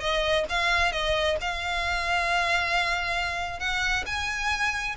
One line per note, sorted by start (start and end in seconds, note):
0.00 0.45 D#5
0.49 0.92 F5
0.92 1.37 D#5
1.41 3.60 F5
3.60 4.04 F#5
4.06 4.96 G#5